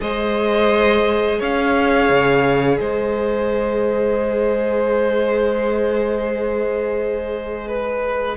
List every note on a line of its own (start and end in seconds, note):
0.00 1.40 G#3
0.00 8.36 G#4
0.00 1.39 C5
0.00 1.40 D#5
1.39 2.09 C#4
1.39 2.78 C#5
1.39 2.77 F5
2.09 2.79 C#3
2.77 8.36 G#3
2.77 7.67 C5
2.77 8.35 D#5
7.67 8.36 B4